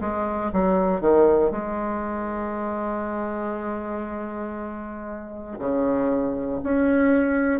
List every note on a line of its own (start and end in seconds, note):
0.00 0.51 G#3
0.52 1.01 F#3
1.01 1.51 D#3
1.51 5.57 G#3
5.59 6.61 C#3
6.63 7.60 C#4